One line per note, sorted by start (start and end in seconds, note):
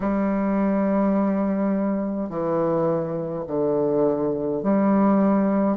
0.00 2.29 G3
2.29 3.45 E3
3.47 4.62 D3
4.62 5.77 G3